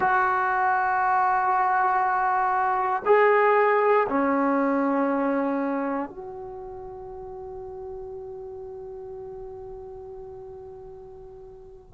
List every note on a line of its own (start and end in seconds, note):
0.00 3.02 F#4
3.05 4.07 G#4
4.08 6.09 C#4
6.09 11.94 F#4